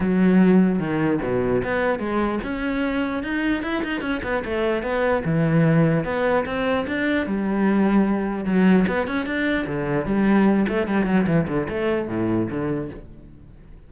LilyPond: \new Staff \with { instrumentName = "cello" } { \time 4/4 \tempo 4 = 149 fis2 dis4 b,4 | b4 gis4 cis'2 | dis'4 e'8 dis'8 cis'8 b8 a4 | b4 e2 b4 |
c'4 d'4 g2~ | g4 fis4 b8 cis'8 d'4 | d4 g4. a8 g8 fis8 | e8 d8 a4 a,4 d4 | }